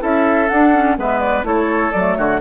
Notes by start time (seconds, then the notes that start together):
0.00 C#4 E4 A4 E5
0.49 D4 F#5
0.74 C#4
0.97 G#3 B3 B4 E5
1.20 D5
1.44 A3 E4 A4 C#5
1.92 F#3 D5
1.98 A3
2.16 D3 F#4 C#5